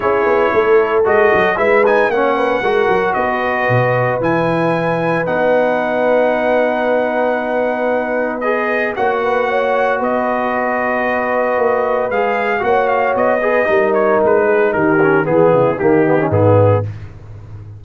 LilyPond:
<<
  \new Staff \with { instrumentName = "trumpet" } { \time 4/4 \tempo 4 = 114 cis''2 dis''4 e''8 gis''8 | fis''2 dis''2 | gis''2 fis''2~ | fis''1 |
dis''4 fis''2 dis''4~ | dis''2. f''4 | fis''8 f''8 dis''4. cis''8 b'4 | ais'4 gis'4 g'4 gis'4 | }
  \new Staff \with { instrumentName = "horn" } { \time 4/4 gis'4 a'2 b'4 | cis''8 b'8 ais'4 b'2~ | b'1~ | b'1~ |
b'4 cis''8 b'8 cis''4 b'4~ | b'1 | cis''4. b'8 ais'4. gis'8 | g'4 gis'8 e'8 dis'2 | }
  \new Staff \with { instrumentName = "trombone" } { \time 4/4 e'2 fis'4 e'8 dis'8 | cis'4 fis'2. | e'2 dis'2~ | dis'1 |
gis'4 fis'2.~ | fis'2. gis'4 | fis'4. gis'8 dis'2~ | dis'8 cis'8 b4 ais8 b16 cis'16 b4 | }
  \new Staff \with { instrumentName = "tuba" } { \time 4/4 cis'8 b8 a4 gis8 fis8 gis4 | ais4 gis8 fis8 b4 b,4 | e2 b2~ | b1~ |
b4 ais2 b4~ | b2 ais4 gis4 | ais4 b4 g4 gis4 | dis4 e8 cis8 dis4 gis,4 | }
>>